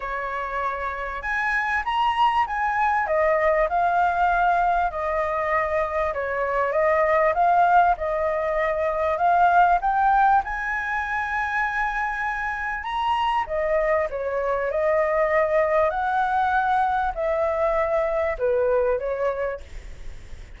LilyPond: \new Staff \with { instrumentName = "flute" } { \time 4/4 \tempo 4 = 98 cis''2 gis''4 ais''4 | gis''4 dis''4 f''2 | dis''2 cis''4 dis''4 | f''4 dis''2 f''4 |
g''4 gis''2.~ | gis''4 ais''4 dis''4 cis''4 | dis''2 fis''2 | e''2 b'4 cis''4 | }